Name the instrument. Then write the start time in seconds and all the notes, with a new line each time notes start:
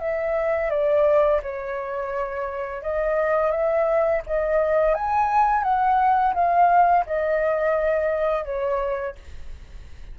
flute
0.00 E5
0.71 D5
1.43 C#5
2.83 D#5
3.51 E5
4.27 D#5
4.95 G#5
5.63 F#5
6.35 F5
7.06 D#5
8.45 C#5